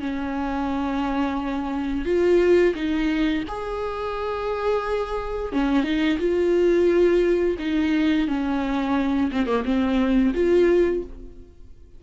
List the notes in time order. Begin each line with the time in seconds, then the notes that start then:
0.00 C#4
2.05 F4
2.75 D#4
3.48 G#4
5.52 C#4
5.83 D#4
6.18 F4
7.59 D#4
8.27 C#4
9.31 C4
9.46 A#3
9.65 C4
10.34 F4